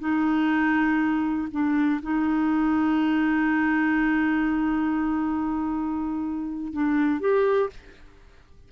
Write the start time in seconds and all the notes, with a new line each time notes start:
0.00 D#4
1.52 D4
2.02 D#4
6.73 D4
7.20 G4